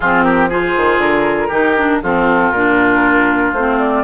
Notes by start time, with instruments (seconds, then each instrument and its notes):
0.00 bassoon F3, clarinet C4, oboe F4, flute G#4
0.23 oboe G4, flute A#4
0.49 clarinet F4, oboe G#4, flute C5
0.76 bassoon D#3
0.97 bassoon D3, flute A#4
1.48 bassoon D#3, clarinet D#4, oboe G4
1.77 clarinet D4
2.02 bassoon F3, clarinet C4, oboe F4, flute A4
2.51 bassoon A#2, clarinet D4, flute A#4
3.53 bassoon A3, clarinet C4, flute C5
3.78 flute D5